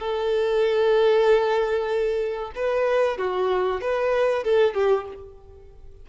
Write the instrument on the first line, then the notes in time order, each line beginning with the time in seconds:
violin
0.00 A4
2.56 B4
3.18 F#4
3.82 B4
4.44 A4
4.75 G4